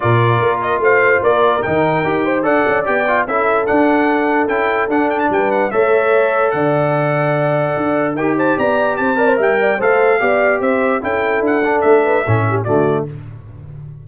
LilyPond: <<
  \new Staff \with { instrumentName = "trumpet" } { \time 4/4 \tempo 4 = 147 d''4. dis''8 f''4 d''4 | g''2 fis''4 g''4 | e''4 fis''2 g''4 | fis''8 g''16 a''16 g''8 fis''8 e''2 |
fis''1 | g''8 a''8 ais''4 a''4 g''4 | f''2 e''4 g''4 | fis''4 e''2 d''4 | }
  \new Staff \with { instrumentName = "horn" } { \time 4/4 ais'2 c''4 ais'4~ | ais'4. c''8 d''2 | a'1~ | a'4 b'4 cis''2 |
d''1 | ais'8 c''8 d''4 c''8 d''16 c''16 e''8 d''8 | c''4 d''4 c''4 a'4~ | a'4. b'8 a'8 g'8 fis'4 | }
  \new Staff \with { instrumentName = "trombone" } { \time 4/4 f'1 | dis'4 g'4 a'4 g'8 f'8 | e'4 d'2 e'4 | d'2 a'2~ |
a'1 | g'2~ g'8 ais'4. | a'4 g'2 e'4~ | e'8 d'4. cis'4 a4 | }
  \new Staff \with { instrumentName = "tuba" } { \time 4/4 ais,4 ais4 a4 ais4 | dis4 dis'4 d'8 cis'8 b4 | cis'4 d'2 cis'4 | d'4 g4 a2 |
d2. d'4 | dis'4 b4 c'4 g4 | a4 b4 c'4 cis'4 | d'4 a4 a,4 d4 | }
>>